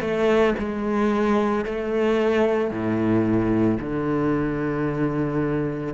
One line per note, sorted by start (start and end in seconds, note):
0.00 0.54 A3
0.58 1.65 G#3
1.65 2.70 A3
2.70 3.77 A2
3.79 5.93 D3